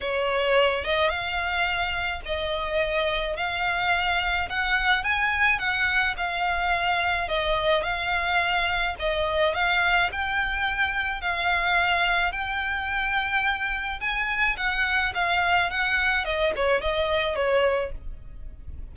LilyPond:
\new Staff \with { instrumentName = "violin" } { \time 4/4 \tempo 4 = 107 cis''4. dis''8 f''2 | dis''2 f''2 | fis''4 gis''4 fis''4 f''4~ | f''4 dis''4 f''2 |
dis''4 f''4 g''2 | f''2 g''2~ | g''4 gis''4 fis''4 f''4 | fis''4 dis''8 cis''8 dis''4 cis''4 | }